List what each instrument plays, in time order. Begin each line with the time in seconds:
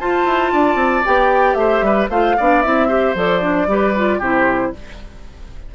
0.00 bassoon F4, clarinet F4, oboe C5, flute A5
0.25 bassoon E4
0.53 bassoon D4, oboe D5
0.75 bassoon C4
1.05 bassoon B3, clarinet G4, flute G5
1.54 bassoon A3, oboe C5, flute E5
1.82 bassoon G3, oboe B4
2.10 bassoon A3, clarinet F4, oboe C5, flute F5
2.37 bassoon B3, clarinet D4, oboe D5
2.62 bassoon C4, clarinet E4, flute E5
2.88 clarinet G4, oboe C5
3.15 bassoon F3, clarinet A4, flute D5
3.41 clarinet D4
3.67 bassoon G3, clarinet G4, oboe B4
3.96 clarinet F4
4.19 bassoon C3, clarinet E4, oboe G4, flute C5